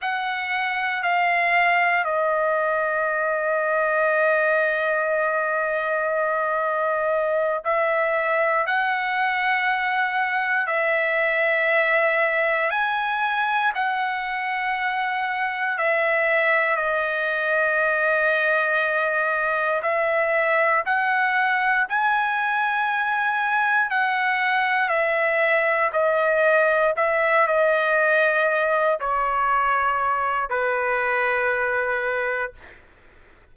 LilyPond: \new Staff \with { instrumentName = "trumpet" } { \time 4/4 \tempo 4 = 59 fis''4 f''4 dis''2~ | dis''2.~ dis''8 e''8~ | e''8 fis''2 e''4.~ | e''8 gis''4 fis''2 e''8~ |
e''8 dis''2. e''8~ | e''8 fis''4 gis''2 fis''8~ | fis''8 e''4 dis''4 e''8 dis''4~ | dis''8 cis''4. b'2 | }